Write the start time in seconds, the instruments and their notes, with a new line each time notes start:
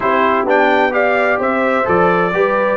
0.00 tuba C4, trombone E4, horn G4, trumpet C5
0.44 tuba B3, trombone D4, trumpet G5
0.91 trombone G4, horn D5, trumpet F5
1.39 tuba C4, horn C5, trumpet E5
1.84 tuba F3, trombone A4, trumpet D5
2.33 tuba G3, trombone G4, horn B4